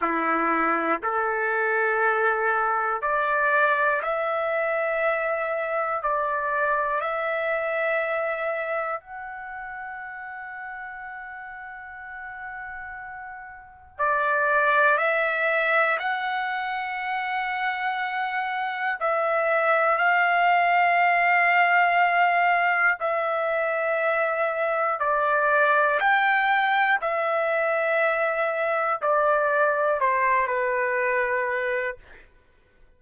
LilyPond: \new Staff \with { instrumentName = "trumpet" } { \time 4/4 \tempo 4 = 60 e'4 a'2 d''4 | e''2 d''4 e''4~ | e''4 fis''2.~ | fis''2 d''4 e''4 |
fis''2. e''4 | f''2. e''4~ | e''4 d''4 g''4 e''4~ | e''4 d''4 c''8 b'4. | }